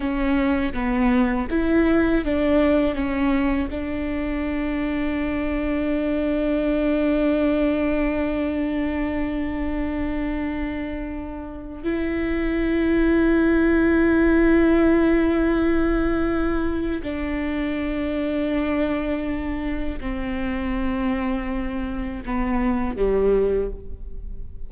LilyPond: \new Staff \with { instrumentName = "viola" } { \time 4/4 \tempo 4 = 81 cis'4 b4 e'4 d'4 | cis'4 d'2.~ | d'1~ | d'1 |
e'1~ | e'2. d'4~ | d'2. c'4~ | c'2 b4 g4 | }